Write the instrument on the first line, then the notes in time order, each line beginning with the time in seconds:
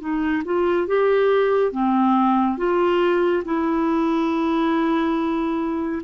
clarinet
0.00 D#4
0.45 F4
0.87 G4
1.72 C4
2.58 F4
3.45 E4